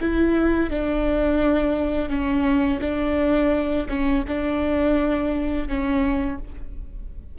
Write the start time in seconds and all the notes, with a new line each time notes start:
0.00 E4
0.70 D4
2.09 C#4
2.81 D4
3.89 C#4
4.27 D4
5.68 C#4